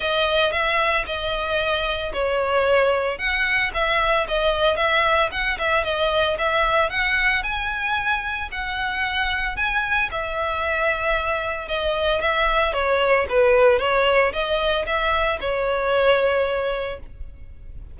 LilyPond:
\new Staff \with { instrumentName = "violin" } { \time 4/4 \tempo 4 = 113 dis''4 e''4 dis''2 | cis''2 fis''4 e''4 | dis''4 e''4 fis''8 e''8 dis''4 | e''4 fis''4 gis''2 |
fis''2 gis''4 e''4~ | e''2 dis''4 e''4 | cis''4 b'4 cis''4 dis''4 | e''4 cis''2. | }